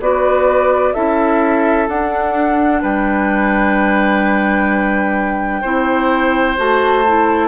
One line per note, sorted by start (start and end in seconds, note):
0.00 0.94 B3
0.00 0.94 F#4
0.00 0.94 B4
0.00 0.93 D5
0.93 1.88 C#4
0.93 1.88 E4
0.93 2.81 A4
0.93 1.87 E5
1.88 5.63 D4
1.88 2.82 D4
1.88 2.82 F#5
2.81 5.63 G3
2.81 5.61 B4
2.81 6.58 G5
5.61 6.57 C4
5.61 6.56 E4
5.61 7.47 C5
6.56 7.47 A3
6.56 7.03 F#4
6.56 7.47 A5
7.06 7.47 E4